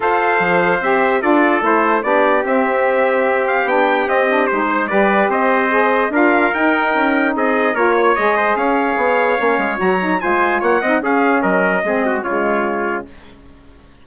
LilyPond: <<
  \new Staff \with { instrumentName = "trumpet" } { \time 4/4 \tempo 4 = 147 f''2 e''4 d''4 | c''4 d''4 e''2~ | e''8 f''8 g''4 dis''4 c''4 | d''4 dis''2 f''4 |
g''2 dis''4 cis''4 | dis''4 f''2. | ais''4 gis''4 fis''4 f''4 | dis''2 cis''2 | }
  \new Staff \with { instrumentName = "trumpet" } { \time 4/4 c''2. a'4~ | a'4 g'2.~ | g'2.~ g'8 c''8 | b'4 c''2 ais'4~ |
ais'2 gis'4 ais'8 cis''8~ | cis''8 c''8 cis''2.~ | cis''4 c''4 cis''8 dis''8 gis'4 | ais'4 gis'8 fis'8 f'2 | }
  \new Staff \with { instrumentName = "saxophone" } { \time 4/4 a'2 g'4 f'4 | e'4 d'4 c'2~ | c'4 d'4 c'8 d'8 dis'4 | g'2 gis'4 f'4 |
dis'2. f'4 | gis'2. cis'4 | fis'8 dis'8 f'4. dis'8 cis'4~ | cis'4 c'4 gis2 | }
  \new Staff \with { instrumentName = "bassoon" } { \time 4/4 f'4 f4 c'4 d'4 | a4 b4 c'2~ | c'4 b4 c'4 gis4 | g4 c'2 d'4 |
dis'4 cis'4 c'4 ais4 | gis4 cis'4 b4 ais8 gis8 | fis4 gis4 ais8 c'8 cis'4 | fis4 gis4 cis2 | }
>>